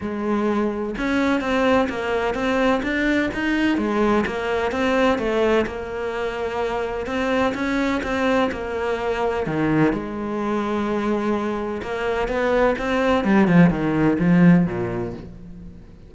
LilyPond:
\new Staff \with { instrumentName = "cello" } { \time 4/4 \tempo 4 = 127 gis2 cis'4 c'4 | ais4 c'4 d'4 dis'4 | gis4 ais4 c'4 a4 | ais2. c'4 |
cis'4 c'4 ais2 | dis4 gis2.~ | gis4 ais4 b4 c'4 | g8 f8 dis4 f4 ais,4 | }